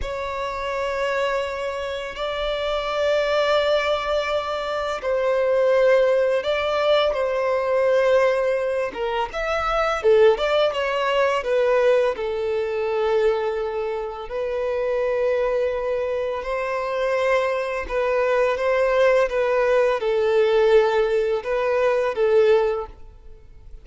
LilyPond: \new Staff \with { instrumentName = "violin" } { \time 4/4 \tempo 4 = 84 cis''2. d''4~ | d''2. c''4~ | c''4 d''4 c''2~ | c''8 ais'8 e''4 a'8 d''8 cis''4 |
b'4 a'2. | b'2. c''4~ | c''4 b'4 c''4 b'4 | a'2 b'4 a'4 | }